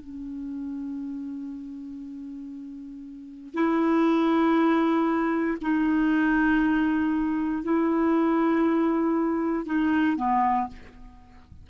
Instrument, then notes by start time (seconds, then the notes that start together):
clarinet
0.00 C#4
3.54 E4
5.61 D#4
7.63 E4
9.66 D#4
10.16 B3